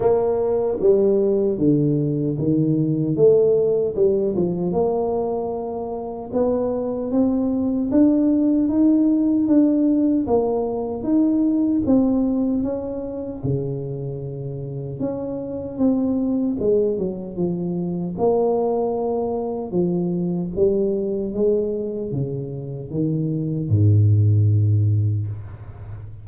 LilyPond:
\new Staff \with { instrumentName = "tuba" } { \time 4/4 \tempo 4 = 76 ais4 g4 d4 dis4 | a4 g8 f8 ais2 | b4 c'4 d'4 dis'4 | d'4 ais4 dis'4 c'4 |
cis'4 cis2 cis'4 | c'4 gis8 fis8 f4 ais4~ | ais4 f4 g4 gis4 | cis4 dis4 gis,2 | }